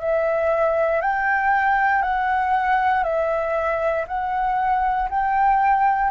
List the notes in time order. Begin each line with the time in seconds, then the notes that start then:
0.00 E5
1.01 G5
2.02 F#5
3.04 E5
4.08 F#5
5.10 G5